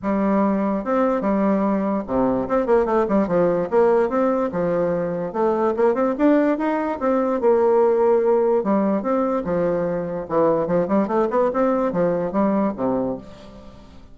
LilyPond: \new Staff \with { instrumentName = "bassoon" } { \time 4/4 \tempo 4 = 146 g2 c'4 g4~ | g4 c4 c'8 ais8 a8 g8 | f4 ais4 c'4 f4~ | f4 a4 ais8 c'8 d'4 |
dis'4 c'4 ais2~ | ais4 g4 c'4 f4~ | f4 e4 f8 g8 a8 b8 | c'4 f4 g4 c4 | }